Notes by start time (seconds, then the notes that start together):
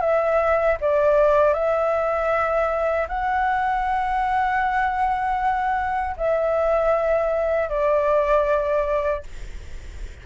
0.00 E5
0.81 D5
1.53 E5
3.08 F#5
6.16 E5
7.69 D5